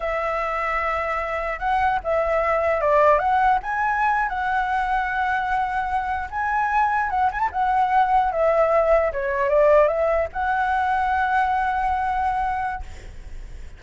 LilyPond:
\new Staff \with { instrumentName = "flute" } { \time 4/4 \tempo 4 = 150 e''1 | fis''4 e''2 d''4 | fis''4 gis''4.~ gis''16 fis''4~ fis''16~ | fis''2.~ fis''8. gis''16~ |
gis''4.~ gis''16 fis''8 gis''16 a''16 fis''4~ fis''16~ | fis''8. e''2 cis''4 d''16~ | d''8. e''4 fis''2~ fis''16~ | fis''1 | }